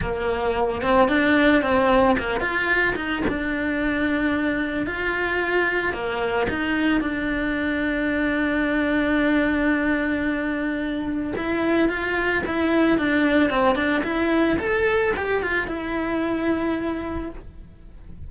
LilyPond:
\new Staff \with { instrumentName = "cello" } { \time 4/4 \tempo 4 = 111 ais4. c'8 d'4 c'4 | ais8 f'4 dis'8 d'2~ | d'4 f'2 ais4 | dis'4 d'2.~ |
d'1~ | d'4 e'4 f'4 e'4 | d'4 c'8 d'8 e'4 a'4 | g'8 f'8 e'2. | }